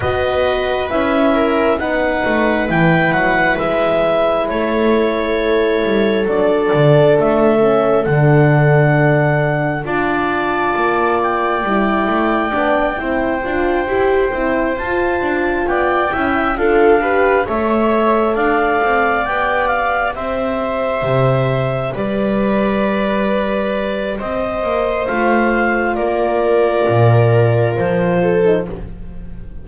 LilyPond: <<
  \new Staff \with { instrumentName = "clarinet" } { \time 4/4 \tempo 4 = 67 dis''4 e''4 fis''4 g''8 fis''8 | e''4 cis''2 d''4 | e''4 fis''2 a''4~ | a''8 g''2.~ g''8~ |
g''8 a''4 g''4 f''4 e''8~ | e''8 f''4 g''8 f''8 e''4.~ | e''8 d''2~ d''8 dis''4 | f''4 d''2 c''4 | }
  \new Staff \with { instrumentName = "viola" } { \time 4/4 b'4. ais'8 b'2~ | b'4 a'2.~ | a'2. d''4~ | d''2~ d''8 c''4.~ |
c''4. d''8 e''8 a'8 b'8 cis''8~ | cis''8 d''2 c''4.~ | c''8 b'2~ b'8 c''4~ | c''4 ais'2~ ais'8 a'8 | }
  \new Staff \with { instrumentName = "horn" } { \time 4/4 fis'4 e'4 dis'4 e'4~ | e'2. d'4~ | d'8 cis'8 d'2 f'4~ | f'4 e'4 d'8 e'8 f'8 g'8 |
e'8 f'4. e'8 f'8 g'8 a'8~ | a'4. g'2~ g'8~ | g'1 | f'2.~ f'8. dis'16 | }
  \new Staff \with { instrumentName = "double bass" } { \time 4/4 b4 cis'4 b8 a8 e8 fis8 | gis4 a4. g8 fis8 d8 | a4 d2 d'4 | ais4 g8 a8 b8 c'8 d'8 e'8 |
c'8 f'8 d'8 b8 cis'8 d'4 a8~ | a8 d'8 c'8 b4 c'4 c8~ | c8 g2~ g8 c'8 ais8 | a4 ais4 ais,4 f4 | }
>>